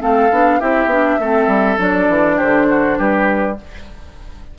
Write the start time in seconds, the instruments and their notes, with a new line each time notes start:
0.00 bassoon A3, clarinet C4, oboe A4, flute F5
0.31 bassoon B3, clarinet D4
0.60 bassoon C4, clarinet E4, oboe G4, flute E5
0.86 bassoon B3, clarinet D4
1.19 bassoon A3, clarinet C4, oboe A4
1.47 bassoon G3
1.78 bassoon F#3, clarinet D4, flute D5
2.09 bassoon E3
2.37 bassoon D3, oboe G4, flute C5
2.69 oboe F#4
2.98 bassoon G3, oboe G4, flute B4